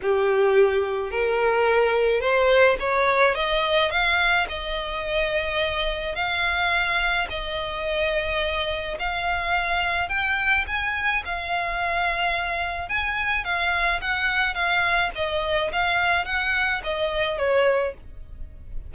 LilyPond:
\new Staff \with { instrumentName = "violin" } { \time 4/4 \tempo 4 = 107 g'2 ais'2 | c''4 cis''4 dis''4 f''4 | dis''2. f''4~ | f''4 dis''2. |
f''2 g''4 gis''4 | f''2. gis''4 | f''4 fis''4 f''4 dis''4 | f''4 fis''4 dis''4 cis''4 | }